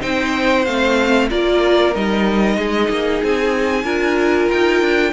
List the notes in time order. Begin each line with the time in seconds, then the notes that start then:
0.00 C4 D#4 C5 G5
0.65 A3 C4 F5
1.29 A#3 F4 A#4 D5
1.94 G3 D#4 D#5
2.57 G#3 G#4
2.90 A#3
3.23 C4 G#5
3.84 D4 F4 A#4
4.50 D#4 G5
4.81 D4